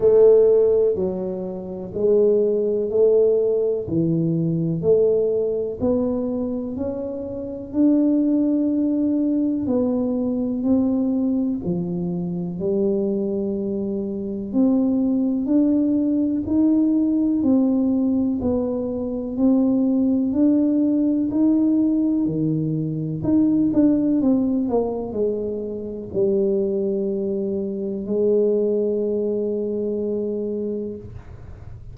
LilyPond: \new Staff \with { instrumentName = "tuba" } { \time 4/4 \tempo 4 = 62 a4 fis4 gis4 a4 | e4 a4 b4 cis'4 | d'2 b4 c'4 | f4 g2 c'4 |
d'4 dis'4 c'4 b4 | c'4 d'4 dis'4 dis4 | dis'8 d'8 c'8 ais8 gis4 g4~ | g4 gis2. | }